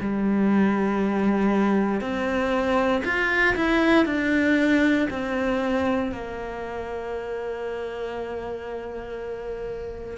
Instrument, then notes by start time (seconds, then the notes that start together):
cello
0.00 G3
2.01 C4
3.04 F4
3.55 E4
4.05 D4
5.10 C4
6.12 A#3